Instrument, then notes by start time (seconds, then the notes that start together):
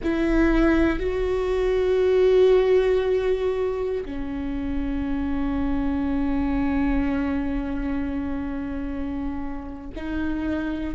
viola
0.03 E4
0.99 F#4
4.05 C#4
9.96 D#4